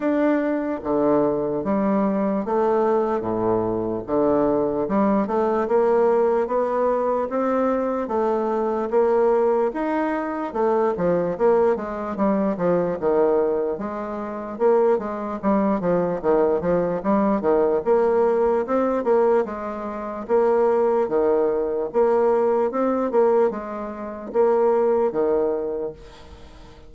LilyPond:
\new Staff \with { instrumentName = "bassoon" } { \time 4/4 \tempo 4 = 74 d'4 d4 g4 a4 | a,4 d4 g8 a8 ais4 | b4 c'4 a4 ais4 | dis'4 a8 f8 ais8 gis8 g8 f8 |
dis4 gis4 ais8 gis8 g8 f8 | dis8 f8 g8 dis8 ais4 c'8 ais8 | gis4 ais4 dis4 ais4 | c'8 ais8 gis4 ais4 dis4 | }